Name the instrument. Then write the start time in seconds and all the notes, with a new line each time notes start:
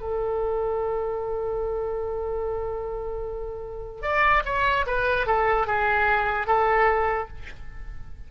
oboe
0.00 A4
4.02 D5
4.45 C#5
4.86 B4
5.26 A4
5.66 G#4
6.46 A4